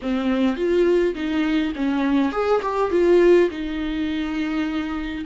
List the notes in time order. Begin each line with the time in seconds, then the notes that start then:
0.02 C4
0.56 F4
1.14 D#4
1.75 C#4
2.32 G#4
2.62 G4
2.91 F4
3.50 D#4